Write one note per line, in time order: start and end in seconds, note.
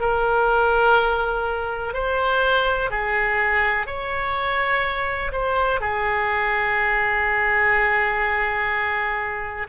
0.00 1.94 A#4
1.94 2.90 C5
2.90 3.86 G#4
3.86 5.31 C#5
5.32 5.80 C5
5.80 9.67 G#4